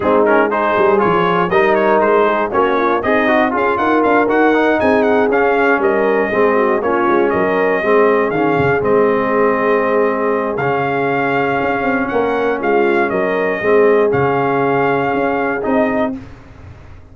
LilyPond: <<
  \new Staff \with { instrumentName = "trumpet" } { \time 4/4 \tempo 4 = 119 gis'8 ais'8 c''4 cis''4 dis''8 cis''8 | c''4 cis''4 dis''4 f''8 fis''8 | f''8 fis''4 gis''8 fis''8 f''4 dis''8~ | dis''4. cis''4 dis''4.~ |
dis''8 f''4 dis''2~ dis''8~ | dis''4 f''2. | fis''4 f''4 dis''2 | f''2. dis''4 | }
  \new Staff \with { instrumentName = "horn" } { \time 4/4 dis'4 gis'2 ais'4~ | ais'8 gis'8 fis'8 f'8 dis'4 gis'8 ais'8~ | ais'4. gis'2 ais'8~ | ais'8 gis'8 fis'8 f'4 ais'4 gis'8~ |
gis'1~ | gis'1 | ais'4 f'4 ais'4 gis'4~ | gis'1 | }
  \new Staff \with { instrumentName = "trombone" } { \time 4/4 c'8 cis'8 dis'4 f'4 dis'4~ | dis'4 cis'4 gis'8 fis'8 f'4~ | f'8 fis'8 dis'4. cis'4.~ | cis'8 c'4 cis'2 c'8~ |
c'8 cis'4 c'2~ c'8~ | c'4 cis'2.~ | cis'2. c'4 | cis'2. dis'4 | }
  \new Staff \with { instrumentName = "tuba" } { \time 4/4 gis4. g8 f4 g4 | gis4 ais4 c'4 cis'8 dis'8 | d'8 dis'4 c'4 cis'4 g8~ | g8 gis4 ais8 gis8 fis4 gis8~ |
gis8 dis8 cis8 gis2~ gis8~ | gis4 cis2 cis'8 c'8 | ais4 gis4 fis4 gis4 | cis2 cis'4 c'4 | }
>>